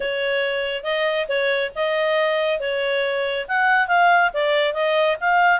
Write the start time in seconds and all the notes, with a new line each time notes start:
0.00 C#5
0.83 D#5
1.28 C#5
1.75 D#5
2.60 C#5
3.48 F#5
3.87 F5
4.33 D5
4.73 D#5
5.20 F5